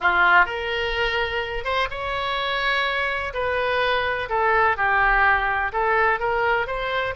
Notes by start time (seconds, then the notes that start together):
0.00 F4
0.45 A#4
1.64 C5
1.90 C#5
3.33 B4
4.29 A4
4.76 G4
5.72 A4
6.19 A#4
6.66 C5